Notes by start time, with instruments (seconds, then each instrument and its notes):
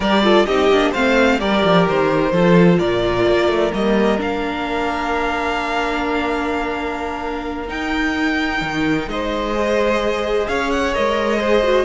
0.00 cello G3, viola G4, violin A#4 D5
0.23 viola F4, violin A4
0.45 cello C4, viola D#4, violin G4 D#5
0.71 cello A#3, viola D4
0.91 cello A3, viola C4, violin C5 F5
1.39 cello G3, viola G4, violin A#4 D5
1.64 cello F3
1.88 cello D#3, violin C5
2.32 cello F3, viola F4, violin A4
2.78 cello A#2, violin A#4 D5
3.26 cello A#3
3.48 cello A3
3.71 cello G3, viola A#3, violin D#5
4.17 cello A#3, viola D4, violin F5
7.68 viola D#4, cello D#4, violin G5
8.61 cello D#3
9.07 cello G#3, violin C5 D#5
9.54 viola G#4
10.47 cello C#4, violin C#5 F5
10.70 violin F#5
10.94 cello G#3, viola A#4, violin D#5
11.39 viola G#4, violin C5
11.63 viola F#4